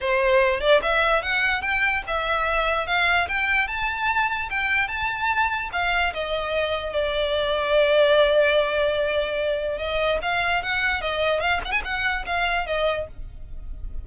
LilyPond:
\new Staff \with { instrumentName = "violin" } { \time 4/4 \tempo 4 = 147 c''4. d''8 e''4 fis''4 | g''4 e''2 f''4 | g''4 a''2 g''4 | a''2 f''4 dis''4~ |
dis''4 d''2.~ | d''1 | dis''4 f''4 fis''4 dis''4 | f''8 fis''16 gis''16 fis''4 f''4 dis''4 | }